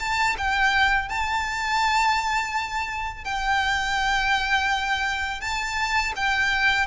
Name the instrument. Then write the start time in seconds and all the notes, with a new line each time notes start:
violin
0.00 A5
0.38 G5
1.09 A5
3.24 G5
5.41 A5
6.16 G5